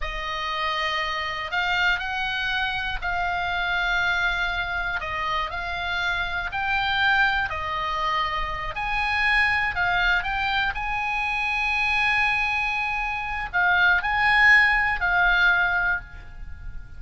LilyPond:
\new Staff \with { instrumentName = "oboe" } { \time 4/4 \tempo 4 = 120 dis''2. f''4 | fis''2 f''2~ | f''2 dis''4 f''4~ | f''4 g''2 dis''4~ |
dis''4. gis''2 f''8~ | f''8 g''4 gis''2~ gis''8~ | gis''2. f''4 | gis''2 f''2 | }